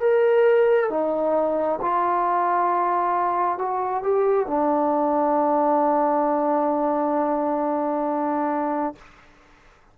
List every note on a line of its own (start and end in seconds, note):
0.00 0.90 A#4
0.90 1.80 D#4
1.82 3.58 F4
3.58 4.03 F#4
4.03 4.47 G4
4.47 8.95 D4